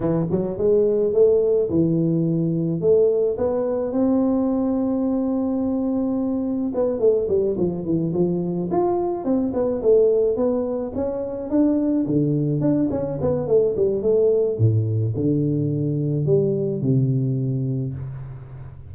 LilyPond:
\new Staff \with { instrumentName = "tuba" } { \time 4/4 \tempo 4 = 107 e8 fis8 gis4 a4 e4~ | e4 a4 b4 c'4~ | c'1 | b8 a8 g8 f8 e8 f4 f'8~ |
f'8 c'8 b8 a4 b4 cis'8~ | cis'8 d'4 d4 d'8 cis'8 b8 | a8 g8 a4 a,4 d4~ | d4 g4 c2 | }